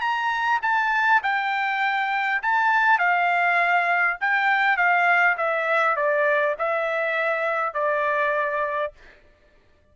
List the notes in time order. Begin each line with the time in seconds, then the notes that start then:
0.00 A#5
0.62 A5
1.23 G5
2.42 A5
2.98 F5
4.20 G5
4.77 F5
5.37 E5
5.96 D5
6.58 E5
7.74 D5